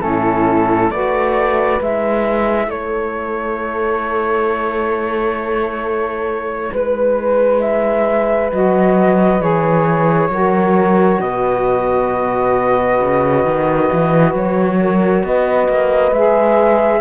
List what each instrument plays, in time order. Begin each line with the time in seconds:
0.00 cello A2, saxophone C#4, horn E4, flute A4
0.91 cello A3, saxophone F#4, horn B4, flute D5
1.80 cello G#3, saxophone E4, flute E5
2.67 cello A3, horn A4, flute C#5
6.72 cello G#3, horn B4, flute B4
7.61 flute E5
8.52 cello F#3, saxophone F#4, flute D#5
9.40 cello E3, saxophone G#4, flute C#5
10.29 cello F#3, saxophone F#4, horn A#4
11.21 cello B2, horn B4, flute D#5
13.01 cello C#3
13.45 cello D#3
13.93 cello E3
14.34 cello F#3, flute C#5
14.81 horn A#4
15.24 cello B3, horn B4, flute D#5
15.68 cello A#3
16.12 cello G#3, saxophone G#4, flute E5